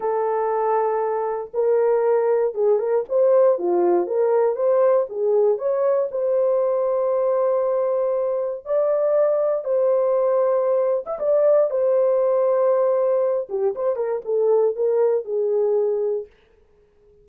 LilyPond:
\new Staff \with { instrumentName = "horn" } { \time 4/4 \tempo 4 = 118 a'2. ais'4~ | ais'4 gis'8 ais'8 c''4 f'4 | ais'4 c''4 gis'4 cis''4 | c''1~ |
c''4 d''2 c''4~ | c''4.~ c''16 e''16 d''4 c''4~ | c''2~ c''8 g'8 c''8 ais'8 | a'4 ais'4 gis'2 | }